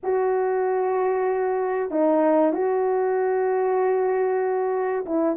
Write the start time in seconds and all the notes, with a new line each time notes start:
0.03 F#4
1.91 D#4
2.52 F#4
5.05 E4